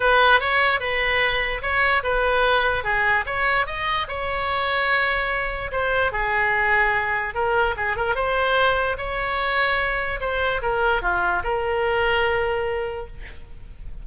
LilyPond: \new Staff \with { instrumentName = "oboe" } { \time 4/4 \tempo 4 = 147 b'4 cis''4 b'2 | cis''4 b'2 gis'4 | cis''4 dis''4 cis''2~ | cis''2 c''4 gis'4~ |
gis'2 ais'4 gis'8 ais'8 | c''2 cis''2~ | cis''4 c''4 ais'4 f'4 | ais'1 | }